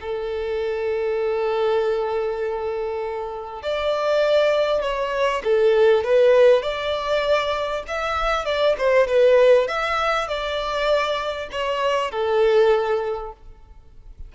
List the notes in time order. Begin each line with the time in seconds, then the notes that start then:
0.00 A4
3.62 D5
4.81 C#5
5.44 A4
6.04 B4
6.62 D5
7.87 E5
8.45 D5
8.78 C5
9.07 B4
9.67 E5
10.28 D5
11.51 C#5
12.11 A4